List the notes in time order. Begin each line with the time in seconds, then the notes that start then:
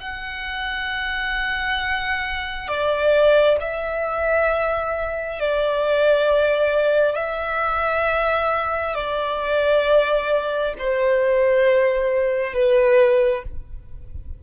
0.00 F#5
2.69 D5
3.61 E5
5.40 D5
7.16 E5
8.95 D5
10.79 C5
12.54 B4